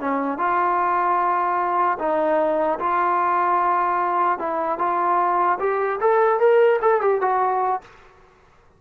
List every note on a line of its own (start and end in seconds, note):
0.00 0.38 C#4
0.38 1.98 F4
1.99 2.79 D#4
2.79 4.38 F4
4.38 4.78 E4
4.78 5.58 F4
5.59 5.99 G4
6.00 6.39 A4
6.39 6.79 A#4
6.81 7.01 A4
7.01 7.21 G4
7.21 7.81 F#4